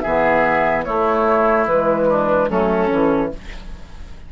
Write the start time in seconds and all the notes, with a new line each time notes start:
0.00 E3 B3 G#4 E5
0.83 A3 E4 C#5
1.66 E3 G#3 B4
2.08 D4
2.49 F#3 A3 C#4 A4
2.87 E3 C#4